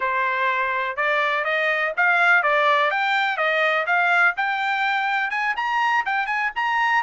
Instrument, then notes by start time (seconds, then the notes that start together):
trumpet
0.00 C5
0.96 D5
1.44 D#5
1.96 F5
2.42 D5
2.90 G5
3.37 D#5
3.86 F5
4.37 G5
5.30 G#5
5.56 A#5
6.05 G5
6.26 G#5
6.55 A#5